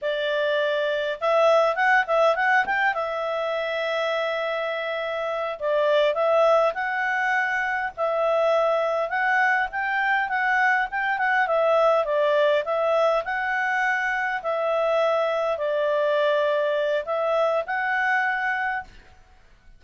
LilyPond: \new Staff \with { instrumentName = "clarinet" } { \time 4/4 \tempo 4 = 102 d''2 e''4 fis''8 e''8 | fis''8 g''8 e''2.~ | e''4. d''4 e''4 fis''8~ | fis''4. e''2 fis''8~ |
fis''8 g''4 fis''4 g''8 fis''8 e''8~ | e''8 d''4 e''4 fis''4.~ | fis''8 e''2 d''4.~ | d''4 e''4 fis''2 | }